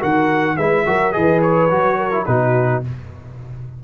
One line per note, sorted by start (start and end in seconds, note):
0.00 0.58 D#3
0.00 0.56 F#4
0.00 0.56 A#4
0.00 0.57 F#5
0.56 0.86 G#3
0.56 0.86 E4
0.56 0.84 B4
0.56 1.12 E5
0.86 1.15 F#3
0.86 1.12 F#4
0.86 1.15 A#4
1.12 1.70 E3
1.12 1.68 G#4
1.12 1.97 B4
1.12 1.40 D#5
1.42 2.25 C#5
1.70 2.27 F#3
1.70 2.11 F#4
1.97 2.25 A#4
2.11 2.25 E4
2.25 2.83 B2
2.25 2.83 D#4
2.25 2.83 F#4
2.25 2.81 B4